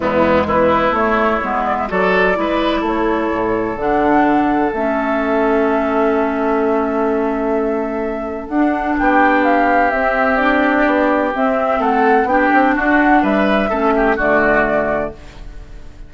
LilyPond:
<<
  \new Staff \with { instrumentName = "flute" } { \time 4/4 \tempo 4 = 127 e'4 b'4 cis''4. d''16 e''16 | d''2 cis''2 | fis''2 e''2~ | e''1~ |
e''2 fis''4 g''4 | f''4 e''4 d''2 | e''4 fis''4 g''4 fis''4 | e''2 d''2 | }
  \new Staff \with { instrumentName = "oboe" } { \time 4/4 b4 e'2. | a'4 b'4 a'2~ | a'1~ | a'1~ |
a'2. g'4~ | g'1~ | g'4 a'4 g'4 fis'4 | b'4 a'8 g'8 fis'2 | }
  \new Staff \with { instrumentName = "clarinet" } { \time 4/4 gis2 a4 b4 | fis'4 e'2. | d'2 cis'2~ | cis'1~ |
cis'2 d'2~ | d'4 c'4 d'2 | c'2 d'2~ | d'4 cis'4 a2 | }
  \new Staff \with { instrumentName = "bassoon" } { \time 4/4 e,4 e4 a4 gis4 | fis4 gis4 a4 a,4 | d2 a2~ | a1~ |
a2 d'4 b4~ | b4 c'2 b4 | c'4 a4 b8 c'8 d'4 | g4 a4 d2 | }
>>